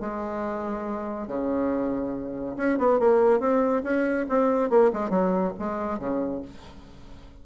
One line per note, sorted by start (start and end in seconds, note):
0.00 1.28 G#3
1.28 2.56 C#3
2.57 2.78 C#4
2.78 2.99 B3
2.99 3.40 A#3
3.40 3.83 C4
3.83 4.26 C#4
4.29 4.70 C4
4.70 4.91 A#3
4.93 5.10 G#3
5.10 5.52 F#3
5.59 5.99 G#3
5.99 6.42 C#3